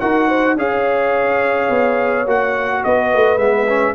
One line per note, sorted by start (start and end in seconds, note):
0.00 0.56 D#4
0.00 0.58 F#4
0.00 0.28 A#4
0.00 0.57 F#5
0.28 0.57 C5
0.56 1.69 C#4
0.56 2.27 G#4
0.56 2.85 C#5
0.56 2.29 F5
1.70 2.27 B3
2.27 2.83 A#3
2.27 3.39 F#4
2.27 2.84 F#5
2.84 3.14 B3
2.84 3.95 B4
2.84 3.38 D#5
3.14 3.37 A3
3.37 3.94 G#3
3.37 3.67 B3
3.37 3.95 E5
3.69 3.95 C#4